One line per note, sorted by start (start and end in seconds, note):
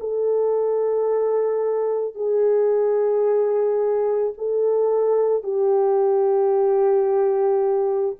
0.00 2.15 A4
2.15 4.33 G#4
4.37 5.43 A4
5.43 8.16 G4